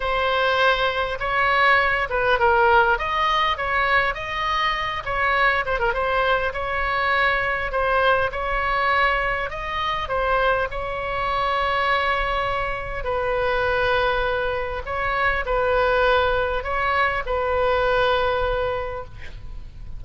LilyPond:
\new Staff \with { instrumentName = "oboe" } { \time 4/4 \tempo 4 = 101 c''2 cis''4. b'8 | ais'4 dis''4 cis''4 dis''4~ | dis''8 cis''4 c''16 ais'16 c''4 cis''4~ | cis''4 c''4 cis''2 |
dis''4 c''4 cis''2~ | cis''2 b'2~ | b'4 cis''4 b'2 | cis''4 b'2. | }